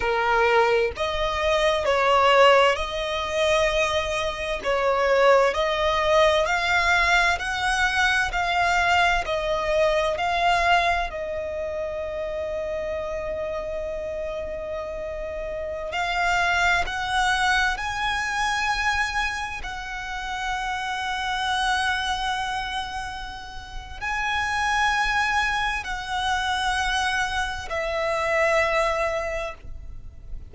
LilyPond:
\new Staff \with { instrumentName = "violin" } { \time 4/4 \tempo 4 = 65 ais'4 dis''4 cis''4 dis''4~ | dis''4 cis''4 dis''4 f''4 | fis''4 f''4 dis''4 f''4 | dis''1~ |
dis''4~ dis''16 f''4 fis''4 gis''8.~ | gis''4~ gis''16 fis''2~ fis''8.~ | fis''2 gis''2 | fis''2 e''2 | }